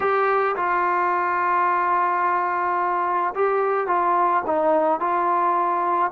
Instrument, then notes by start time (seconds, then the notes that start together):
trombone
0.00 G4
0.56 F4
3.34 G4
3.87 F4
4.46 D#4
5.00 F4